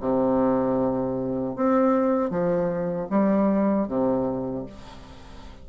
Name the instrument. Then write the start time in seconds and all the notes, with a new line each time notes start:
bassoon
0.00 C3
1.56 C4
2.30 F3
3.10 G3
3.87 C3